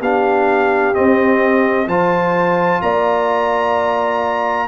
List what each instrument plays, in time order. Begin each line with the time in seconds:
0.00 tuba B3, trombone D4, horn G4, trumpet F5
0.94 trombone C4, tuba C4, trumpet D#5
1.87 tuba F3, trombone F4, horn C5, trumpet A5
2.82 tuba A#3, horn D5, trumpet A#5